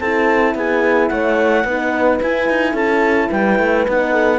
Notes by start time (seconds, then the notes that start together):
0.00 C4 E4 A4 A5
0.55 B3 G#4 G#5
1.08 A3 C#5 F#5
1.64 B3 D#4 B4
2.22 E4 G#5
2.49 D#4
2.73 C#4 A4 A5
3.29 G3 B4 G5
3.59 A3
3.88 B3 D#4 F#5
4.12 A4